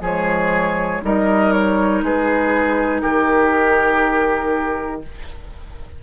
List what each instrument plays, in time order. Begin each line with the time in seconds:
0.00 bassoon F3, clarinet G#3, oboe G#4, flute C#5
1.02 bassoon G3, clarinet D#4, oboe A#4, flute D#5
1.52 flute C#5
2.02 bassoon G#3, oboe G#4, flute B4
3.01 bassoon D#3, oboe G4, flute A#4